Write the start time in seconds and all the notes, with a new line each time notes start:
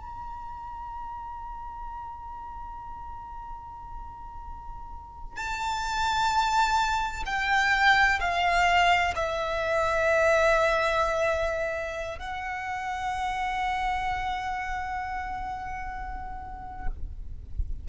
0.00 A#5
5.36 A5
7.25 G5
8.20 F5
9.15 E5
12.18 F#5